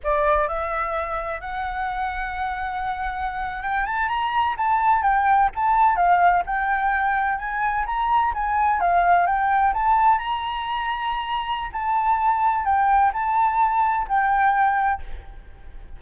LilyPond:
\new Staff \with { instrumentName = "flute" } { \time 4/4 \tempo 4 = 128 d''4 e''2 fis''4~ | fis''2.~ fis''8. g''16~ | g''16 a''8 ais''4 a''4 g''4 a''16~ | a''8. f''4 g''2 gis''16~ |
gis''8. ais''4 gis''4 f''4 g''16~ | g''8. a''4 ais''2~ ais''16~ | ais''4 a''2 g''4 | a''2 g''2 | }